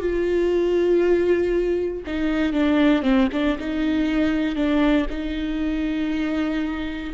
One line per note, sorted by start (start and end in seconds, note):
0.00 2.03 F4
2.06 2.53 D#4
2.53 3.02 D4
3.02 3.28 C4
3.32 3.58 D4
3.59 4.55 D#4
4.55 5.06 D4
5.09 7.13 D#4